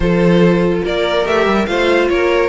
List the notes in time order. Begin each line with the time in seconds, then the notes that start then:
0.00 F3 F4 A4 C5
0.84 A#3 A#4 D5
1.24 A3 G4 E5
1.46 G3
1.66 A3 F4 C5 F5
2.08 A#3 A#4 C#5